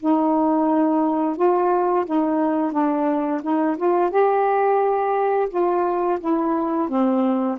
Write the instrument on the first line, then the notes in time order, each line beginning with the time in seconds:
saxophone
0.00 D#4
1.36 F4
2.06 D#4
2.72 D4
3.43 D#4
3.77 F4
4.11 G4
5.50 F4
6.20 E4
6.89 C4